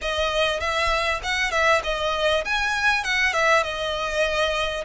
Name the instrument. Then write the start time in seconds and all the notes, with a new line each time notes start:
violin
0.01 D#5
0.60 E5
1.23 F#5
1.51 E5
1.83 D#5
2.44 G#5
3.04 F#5
3.33 E5
3.63 D#5